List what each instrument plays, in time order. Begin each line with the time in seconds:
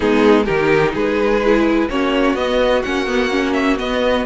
0.00 cello G#3, viola B3, violin D#4 G#4
0.44 cello D#3, viola D#4, violin G4 A#4
0.94 cello G#3, violin G#4 B4
1.45 viola E4
1.89 cello A#3, viola C#4, violin F#4 C#5
2.35 cello B3, viola B3, violin D#5
2.82 cello A#3, viola C#4, violin F#5
3.06 viola B3
3.30 viola C#4
3.53 violin E5
3.77 viola B3, cello B3, violin D#5